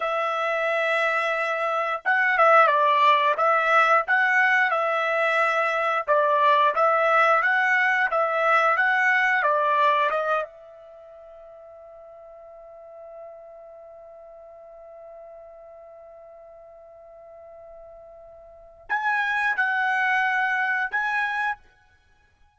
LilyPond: \new Staff \with { instrumentName = "trumpet" } { \time 4/4 \tempo 4 = 89 e''2. fis''8 e''8 | d''4 e''4 fis''4 e''4~ | e''4 d''4 e''4 fis''4 | e''4 fis''4 d''4 dis''8 e''8~ |
e''1~ | e''1~ | e''1 | gis''4 fis''2 gis''4 | }